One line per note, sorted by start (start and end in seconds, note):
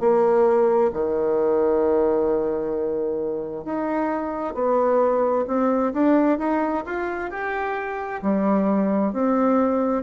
0.00 0.91 A#3
0.93 3.65 D#3
3.65 4.55 D#4
4.55 5.45 B3
5.48 5.93 C4
5.93 6.39 D4
6.39 6.84 D#4
6.86 7.30 F4
7.30 8.21 G4
8.22 9.13 G3
9.13 10.03 C4